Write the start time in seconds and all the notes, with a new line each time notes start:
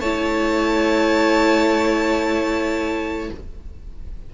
0.00 A3 E4 C#5 A5